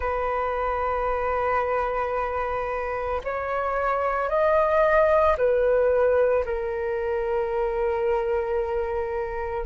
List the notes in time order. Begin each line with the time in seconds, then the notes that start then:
0.00 B4
3.23 C#5
4.29 D#5
5.37 B4
6.45 A#4